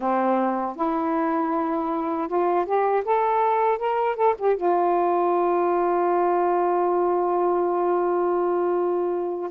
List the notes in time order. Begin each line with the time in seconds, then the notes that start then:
0.00 C4
0.76 E4
2.28 F4
2.65 G4
3.04 A4
3.78 A#4
4.16 A4
4.38 G4
4.56 F4